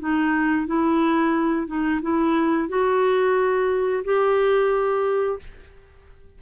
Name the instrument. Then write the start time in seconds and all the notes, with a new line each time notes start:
clarinet
0.00 D#4
0.67 E4
1.67 D#4
2.02 E4
2.69 F#4
4.04 G4